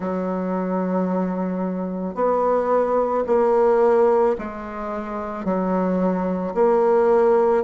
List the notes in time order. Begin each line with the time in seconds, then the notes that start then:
0.00 F#3
2.14 B3
3.27 A#3
4.38 G#3
5.44 F#3
6.54 A#3